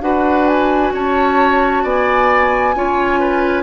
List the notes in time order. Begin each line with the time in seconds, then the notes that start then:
0.00 D4 F#4 B4 F#5
0.47 G#5
0.93 C#4 C#5 A5
1.83 B3 D5 G#5
2.74 C#4 F4 C#5
3.20 B4